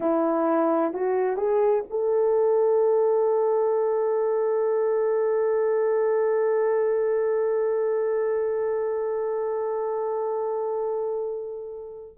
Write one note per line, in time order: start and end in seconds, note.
0.00 0.93 E4
0.93 1.36 F#4
1.36 1.83 G#4
1.90 12.17 A4